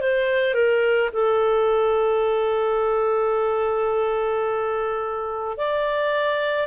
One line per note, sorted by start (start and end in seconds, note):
0.00 0.54 C5
0.54 1.10 A#4
1.13 5.57 A4
5.57 6.67 D5